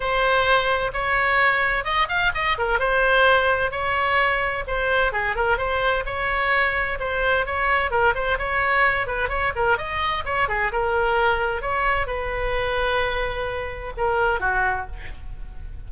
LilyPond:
\new Staff \with { instrumentName = "oboe" } { \time 4/4 \tempo 4 = 129 c''2 cis''2 | dis''8 f''8 dis''8 ais'8 c''2 | cis''2 c''4 gis'8 ais'8 | c''4 cis''2 c''4 |
cis''4 ais'8 c''8 cis''4. b'8 | cis''8 ais'8 dis''4 cis''8 gis'8 ais'4~ | ais'4 cis''4 b'2~ | b'2 ais'4 fis'4 | }